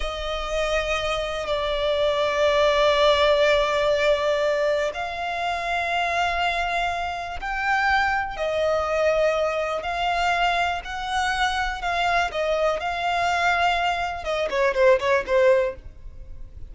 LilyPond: \new Staff \with { instrumentName = "violin" } { \time 4/4 \tempo 4 = 122 dis''2. d''4~ | d''1~ | d''2 f''2~ | f''2. g''4~ |
g''4 dis''2. | f''2 fis''2 | f''4 dis''4 f''2~ | f''4 dis''8 cis''8 c''8 cis''8 c''4 | }